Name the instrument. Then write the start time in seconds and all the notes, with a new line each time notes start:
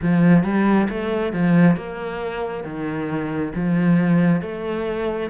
cello
0.02 F3
0.43 G3
0.89 A3
1.32 F3
1.76 A#3
2.64 D#3
3.55 F3
4.41 A3